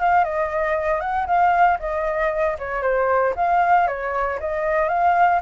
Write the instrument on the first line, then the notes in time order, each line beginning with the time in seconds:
flute
0.00 F5
0.24 D#5
1.00 F#5
1.27 F5
1.79 D#5
2.59 C#5
2.82 C5
3.36 F5
3.87 C#5
4.40 D#5
4.89 F5